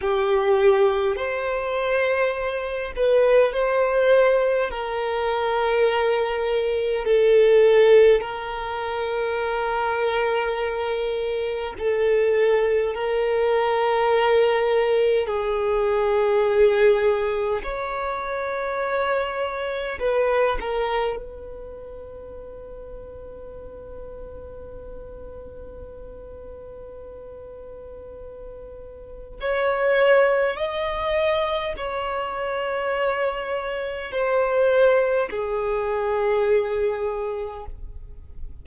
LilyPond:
\new Staff \with { instrumentName = "violin" } { \time 4/4 \tempo 4 = 51 g'4 c''4. b'8 c''4 | ais'2 a'4 ais'4~ | ais'2 a'4 ais'4~ | ais'4 gis'2 cis''4~ |
cis''4 b'8 ais'8 b'2~ | b'1~ | b'4 cis''4 dis''4 cis''4~ | cis''4 c''4 gis'2 | }